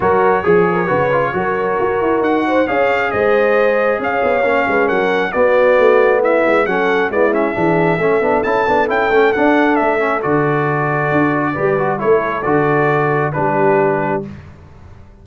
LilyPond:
<<
  \new Staff \with { instrumentName = "trumpet" } { \time 4/4 \tempo 4 = 135 cis''1~ | cis''4 fis''4 f''4 dis''4~ | dis''4 f''2 fis''4 | d''2 e''4 fis''4 |
d''8 e''2~ e''8 a''4 | g''4 fis''4 e''4 d''4~ | d''2. cis''4 | d''2 b'2 | }
  \new Staff \with { instrumentName = "horn" } { \time 4/4 ais'4 gis'8 ais'8 b'4 ais'4~ | ais'4. c''8 cis''4 c''4~ | c''4 cis''4. b'8 ais'4 | fis'2 e'4 a'4 |
e'4 gis'4 a'2~ | a'1~ | a'2 b'4 a'4~ | a'2 g'2 | }
  \new Staff \with { instrumentName = "trombone" } { \time 4/4 fis'4 gis'4 fis'8 f'8 fis'4~ | fis'2 gis'2~ | gis'2 cis'2 | b2. cis'4 |
b8 cis'8 d'4 cis'8 d'8 e'8 d'8 | e'8 cis'8 d'4. cis'8 fis'4~ | fis'2 g'8 fis'8 e'4 | fis'2 d'2 | }
  \new Staff \with { instrumentName = "tuba" } { \time 4/4 fis4 f4 cis4 fis4 | fis'8 e'8 dis'4 cis'4 gis4~ | gis4 cis'8 b8 ais8 gis8 fis4 | b4 a4. gis8 fis4 |
gis4 e4 a8 b8 cis'8 b8 | cis'8 a8 d'4 a4 d4~ | d4 d'4 g4 a4 | d2 g2 | }
>>